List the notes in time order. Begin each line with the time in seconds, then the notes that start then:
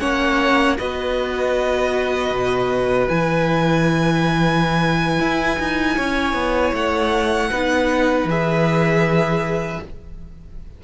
0.00 A#3 C#4 C#5 F#5
0.78 B3 F#4 B4 D#5
2.31 B2
3.08 E3 E4 G#5
5.20 E4
5.59 D#4
5.96 C#4 C#5
6.34 B3
6.73 A3 F#5
7.51 B3 D#4 B4
8.25 E3 G#4 E5